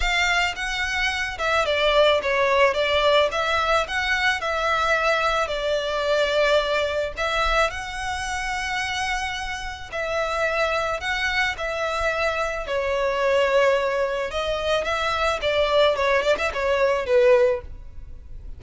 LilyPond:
\new Staff \with { instrumentName = "violin" } { \time 4/4 \tempo 4 = 109 f''4 fis''4. e''8 d''4 | cis''4 d''4 e''4 fis''4 | e''2 d''2~ | d''4 e''4 fis''2~ |
fis''2 e''2 | fis''4 e''2 cis''4~ | cis''2 dis''4 e''4 | d''4 cis''8 d''16 e''16 cis''4 b'4 | }